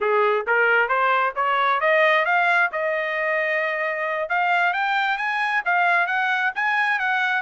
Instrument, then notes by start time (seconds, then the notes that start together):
trumpet
0.01 G#4
0.46 A#4
0.88 C5
1.35 C#5
1.80 D#5
2.25 F5
2.72 D#5
4.29 F5
4.73 G5
5.17 G#5
5.65 F5
6.07 F#5
6.55 G#5
6.99 F#5